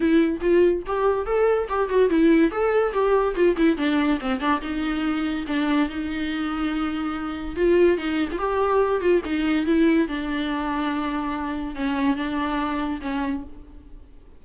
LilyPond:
\new Staff \with { instrumentName = "viola" } { \time 4/4 \tempo 4 = 143 e'4 f'4 g'4 a'4 | g'8 fis'8 e'4 a'4 g'4 | f'8 e'8 d'4 c'8 d'8 dis'4~ | dis'4 d'4 dis'2~ |
dis'2 f'4 dis'8. f'16 | g'4. f'8 dis'4 e'4 | d'1 | cis'4 d'2 cis'4 | }